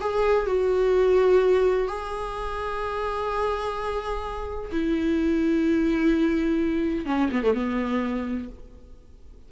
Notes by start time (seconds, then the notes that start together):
0.00 G#4
0.46 F#4
1.87 G#4
4.72 E4
7.05 C#4
7.32 B3
7.43 A3
7.54 B3